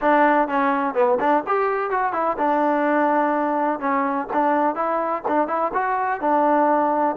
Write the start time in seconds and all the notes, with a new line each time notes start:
0.01 D4
0.48 C#4
0.94 B3
1.19 D4
1.46 G4
1.90 F#4
2.13 E4
2.38 D4
3.79 C#4
4.33 D4
4.75 E4
5.27 D4
5.47 E4
5.73 F#4
6.21 D4